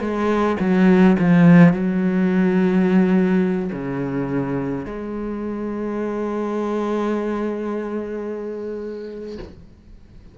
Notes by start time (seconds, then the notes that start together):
0.00 G#3
0.60 F#3
1.19 F3
1.73 F#3
3.72 C#3
4.85 G#3